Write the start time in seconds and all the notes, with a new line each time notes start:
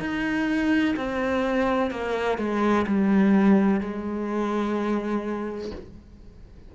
0.00 D#4
0.96 C4
1.91 A#3
2.38 G#3
2.87 G3
3.81 G#3